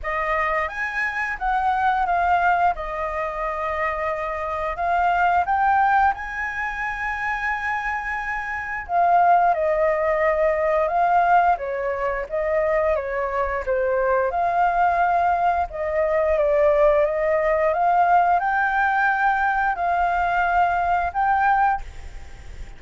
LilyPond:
\new Staff \with { instrumentName = "flute" } { \time 4/4 \tempo 4 = 88 dis''4 gis''4 fis''4 f''4 | dis''2. f''4 | g''4 gis''2.~ | gis''4 f''4 dis''2 |
f''4 cis''4 dis''4 cis''4 | c''4 f''2 dis''4 | d''4 dis''4 f''4 g''4~ | g''4 f''2 g''4 | }